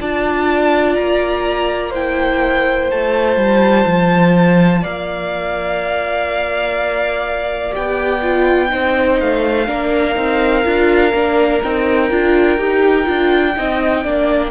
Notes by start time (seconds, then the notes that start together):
0.00 D4 F4 D5 A5
0.95 A#3 A#5
1.90 E4 C5 G5
2.90 A3 F4 A5
3.36 G3
3.86 F3
4.81 A#3 D5 F5
7.71 B3 G4 G5
8.22 F4
8.68 C4 D#4 C5
9.20 A3 F5
9.66 A#3 D4 A#4
10.15 C4 D#4
10.64 D4 F4
11.12 A#3 D4
11.63 C4 D#4 G5
12.10 D4 F4
12.58 D#4 G4
13.04 D4 F4
13.56 C4 D#4 D#5
14.04 A#3 D4 D5